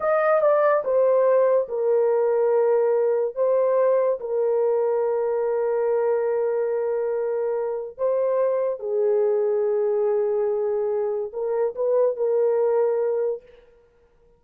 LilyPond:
\new Staff \with { instrumentName = "horn" } { \time 4/4 \tempo 4 = 143 dis''4 d''4 c''2 | ais'1 | c''2 ais'2~ | ais'1~ |
ais'2. c''4~ | c''4 gis'2.~ | gis'2. ais'4 | b'4 ais'2. | }